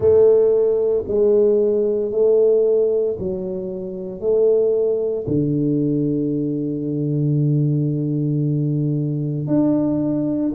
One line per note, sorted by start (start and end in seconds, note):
0.00 1.04 A3
1.07 2.11 G#3
2.11 3.16 A3
3.19 4.20 F#3
4.20 5.25 A3
5.27 9.47 D3
9.47 10.52 D4